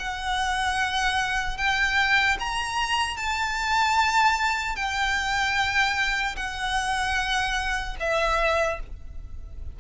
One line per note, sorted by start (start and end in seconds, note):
0.00 1.58 F#5
1.58 2.38 G5
2.40 3.17 A#5
3.17 4.76 A5
4.76 6.36 G5
6.37 7.97 F#5
8.00 8.80 E5